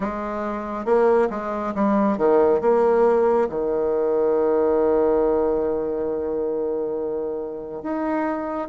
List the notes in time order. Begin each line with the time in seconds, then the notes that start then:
0.00 G#3
0.85 A#3
1.30 G#3
1.74 G3
2.17 D#3
2.61 A#3
3.49 D#3
7.83 D#4